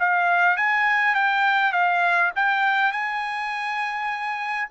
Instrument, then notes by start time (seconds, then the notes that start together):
trumpet
0.00 F5
0.57 G#5
1.16 G5
1.73 F5
2.36 G5
2.93 G#5